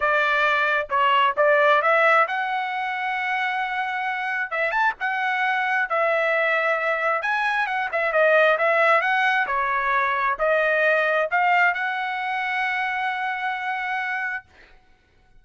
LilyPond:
\new Staff \with { instrumentName = "trumpet" } { \time 4/4 \tempo 4 = 133 d''2 cis''4 d''4 | e''4 fis''2.~ | fis''2 e''8 a''8 fis''4~ | fis''4 e''2. |
gis''4 fis''8 e''8 dis''4 e''4 | fis''4 cis''2 dis''4~ | dis''4 f''4 fis''2~ | fis''1 | }